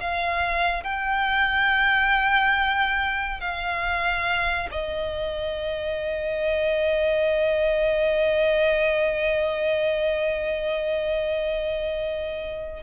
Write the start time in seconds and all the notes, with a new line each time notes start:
0.00 F5
0.83 G5
3.40 F5
4.71 D#5